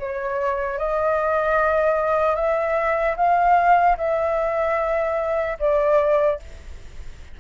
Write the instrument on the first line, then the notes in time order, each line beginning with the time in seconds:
flute
0.00 C#5
0.79 D#5
2.36 E5
3.17 F5
3.98 E5
5.60 D5